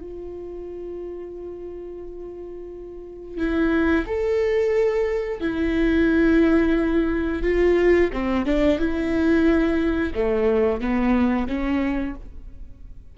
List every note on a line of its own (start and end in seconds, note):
0.00 3.37 F4
3.37 4.04 E4
4.06 5.40 A4
5.40 7.42 E4
7.42 8.10 F4
8.12 8.45 C4
8.45 8.79 D4
8.79 10.13 E4
10.14 10.80 A3
10.80 11.47 B3
11.47 12.14 C#4